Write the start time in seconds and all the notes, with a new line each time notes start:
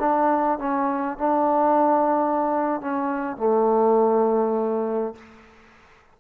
0.00 D4
0.59 C#4
1.18 D4
2.81 C#4
3.37 A3